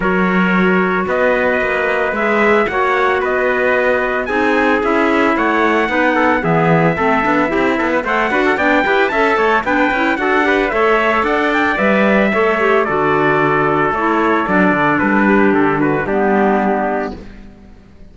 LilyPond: <<
  \new Staff \with { instrumentName = "trumpet" } { \time 4/4 \tempo 4 = 112 cis''2 dis''2 | e''4 fis''4 dis''2 | gis''4 e''4 fis''2 | e''2. fis''4 |
g''4 a''4 g''4 fis''4 | e''4 fis''8 g''8 e''2 | d''2 cis''4 d''4 | b'4 a'8 b'8 g'2 | }
  \new Staff \with { instrumentName = "trumpet" } { \time 4/4 ais'2 b'2~ | b'4 cis''4 b'2 | gis'2 cis''4 b'8 a'8 | gis'4 a'4 g'8 a'16 b'16 c''8 b'16 a'16 |
d''8 b'8 e''8 cis''8 b'4 a'8 b'8 | cis''4 d''2 cis''4 | a'1~ | a'8 g'4 fis'8 d'2 | }
  \new Staff \with { instrumentName = "clarinet" } { \time 4/4 fis'1 | gis'4 fis'2. | dis'4 e'2 dis'4 | b4 c'8 d'8 e'4 a'8 fis'8 |
d'8 g'8 a'4 d'8 e'8 fis'8 g'8 | a'2 b'4 a'8 g'8 | fis'2 e'4 d'4~ | d'2 b2 | }
  \new Staff \with { instrumentName = "cello" } { \time 4/4 fis2 b4 ais4 | gis4 ais4 b2 | c'4 cis'4 a4 b4 | e4 a8 b8 c'8 b8 a8 d'8 |
b8 e'8 cis'8 a8 b8 cis'8 d'4 | a4 d'4 g4 a4 | d2 a4 fis8 d8 | g4 d4 g2 | }
>>